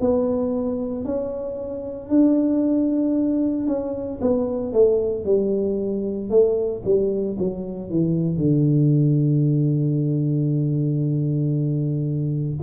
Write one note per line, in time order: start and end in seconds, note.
0.00 1.04 B3
1.04 2.09 C#4
2.09 3.67 D4
3.67 4.20 C#4
4.21 4.72 B3
4.72 5.24 A3
5.24 6.30 G3
6.30 6.82 A3
6.84 7.37 G3
7.38 7.89 F#3
7.89 8.37 E3
8.37 12.58 D3